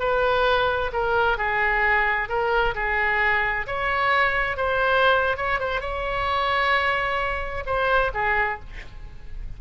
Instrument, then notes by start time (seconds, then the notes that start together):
oboe
0.00 B4
0.93 A#4
1.38 G#4
2.29 A#4
2.75 G#4
3.67 C#5
4.57 C5
5.37 C#5
5.60 C5
5.81 C#5
7.66 C5
8.14 G#4